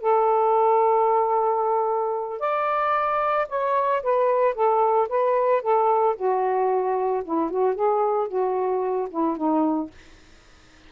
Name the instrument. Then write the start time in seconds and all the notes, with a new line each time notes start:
saxophone
0.00 A4
2.39 D5
3.48 C#5
4.03 B4
4.54 A4
5.08 B4
5.62 A4
6.16 F#4
7.24 E4
7.50 F#4
7.75 G#4
8.28 F#4
9.10 E4
9.37 D#4